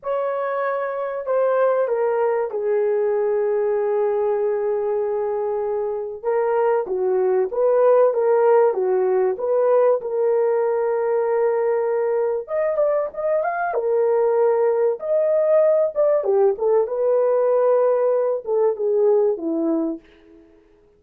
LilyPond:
\new Staff \with { instrumentName = "horn" } { \time 4/4 \tempo 4 = 96 cis''2 c''4 ais'4 | gis'1~ | gis'2 ais'4 fis'4 | b'4 ais'4 fis'4 b'4 |
ais'1 | dis''8 d''8 dis''8 f''8 ais'2 | dis''4. d''8 g'8 a'8 b'4~ | b'4. a'8 gis'4 e'4 | }